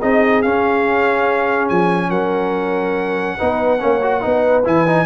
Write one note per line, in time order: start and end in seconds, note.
0.00 0.44 C4
0.00 0.44 D#4
0.00 2.10 G#4
0.00 0.42 D#5
0.42 3.39 C#4
0.42 1.71 C#4
0.42 1.69 F5
1.69 2.10 F3
1.69 2.11 G#5
2.10 3.37 F#3
2.10 3.37 A#4
2.10 4.64 F#5
3.38 3.83 B3
3.38 3.79 D#4
3.38 3.81 B4
3.79 4.25 A#3
3.79 4.00 C#4
3.79 4.23 C#5
4.02 4.21 F#4
4.21 4.67 B3
4.21 4.64 D#4
4.21 5.07 B4
4.65 5.07 E3
4.65 4.86 E4
4.65 5.07 G#5
4.87 5.07 D#4